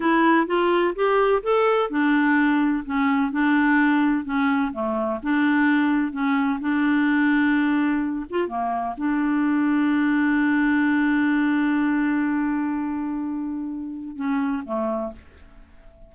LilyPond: \new Staff \with { instrumentName = "clarinet" } { \time 4/4 \tempo 4 = 127 e'4 f'4 g'4 a'4 | d'2 cis'4 d'4~ | d'4 cis'4 a4 d'4~ | d'4 cis'4 d'2~ |
d'4. f'8 ais4 d'4~ | d'1~ | d'1~ | d'2 cis'4 a4 | }